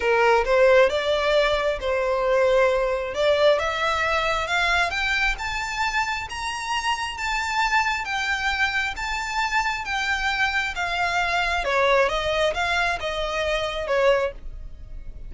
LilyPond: \new Staff \with { instrumentName = "violin" } { \time 4/4 \tempo 4 = 134 ais'4 c''4 d''2 | c''2. d''4 | e''2 f''4 g''4 | a''2 ais''2 |
a''2 g''2 | a''2 g''2 | f''2 cis''4 dis''4 | f''4 dis''2 cis''4 | }